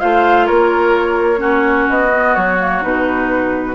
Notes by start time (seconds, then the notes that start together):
0.00 A3 F4 C5 F5
0.46 A#3 A#4 C#5
1.37 C#4 F#4
1.89 B3 D#5
2.13 B3
2.35 F#3 C#5
2.59 A#3
2.82 B2 D#4 B4